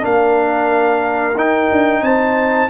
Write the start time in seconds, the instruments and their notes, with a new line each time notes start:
0.00 tuba A#3, trombone D4, horn A#4, trumpet F5
1.35 tuba D#4, trombone D#4, trumpet G5
1.71 tuba D4
2.01 tuba C4, horn C5, trumpet A5